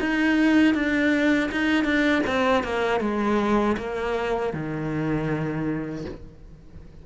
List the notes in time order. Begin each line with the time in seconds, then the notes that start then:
0.00 D#4
0.74 D4
1.52 D#4
1.84 D4
2.27 C4
2.64 A#3
3.01 G#3
3.77 A#3
4.53 D#3